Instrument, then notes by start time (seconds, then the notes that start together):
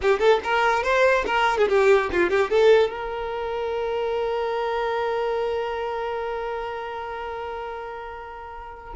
violin
0.02 G4
0.19 A4
0.43 A#4
0.83 C5
1.26 A#4
1.57 G#4
1.68 G4
2.12 F4
2.30 G4
2.50 A4
2.89 A#4